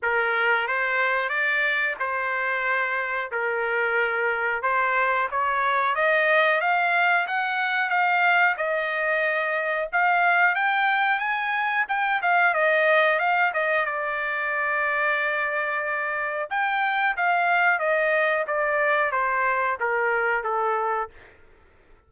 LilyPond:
\new Staff \with { instrumentName = "trumpet" } { \time 4/4 \tempo 4 = 91 ais'4 c''4 d''4 c''4~ | c''4 ais'2 c''4 | cis''4 dis''4 f''4 fis''4 | f''4 dis''2 f''4 |
g''4 gis''4 g''8 f''8 dis''4 | f''8 dis''8 d''2.~ | d''4 g''4 f''4 dis''4 | d''4 c''4 ais'4 a'4 | }